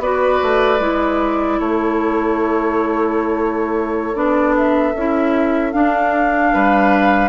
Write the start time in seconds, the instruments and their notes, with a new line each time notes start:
0.00 bassoon B3, clarinet F#4, oboe B4, flute D5
0.43 bassoon A3
0.80 bassoon G#3, clarinet E4
1.60 bassoon A3, oboe A4, flute C#5
4.15 bassoon B3, clarinet D4, flute D5
4.57 flute E5
4.95 bassoon C#4, clarinet E4
5.73 clarinet D4, bassoon D4, flute F5
6.53 bassoon G3, oboe B4